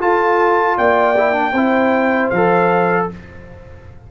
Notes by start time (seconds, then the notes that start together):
0.00 F4 A4 A5
0.77 A#3 D5 G5
1.18 E4
1.32 D4
1.52 C4 E4 C5
2.30 F3 A4 F5